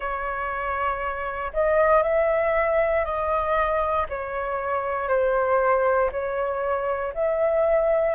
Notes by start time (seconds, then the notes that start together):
0.00 C#5
1.53 D#5
2.02 E5
3.05 D#5
4.09 C#5
5.08 C5
6.11 C#5
7.14 E5